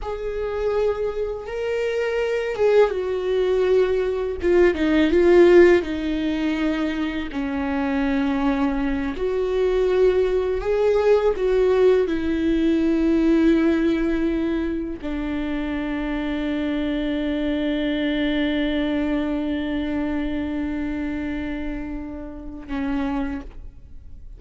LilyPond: \new Staff \with { instrumentName = "viola" } { \time 4/4 \tempo 4 = 82 gis'2 ais'4. gis'8 | fis'2 f'8 dis'8 f'4 | dis'2 cis'2~ | cis'8 fis'2 gis'4 fis'8~ |
fis'8 e'2.~ e'8~ | e'8 d'2.~ d'8~ | d'1~ | d'2. cis'4 | }